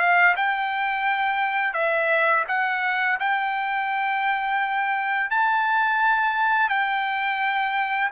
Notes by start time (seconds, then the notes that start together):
0.00 F5
0.37 G5
1.74 E5
2.48 F#5
3.20 G5
5.31 A5
6.69 G5